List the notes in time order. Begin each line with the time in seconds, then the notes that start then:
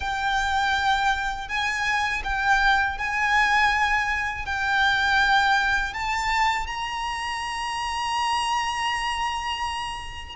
0.00 G5
1.48 G#5
2.24 G5
2.98 G#5
4.45 G5
5.93 A5
6.66 A#5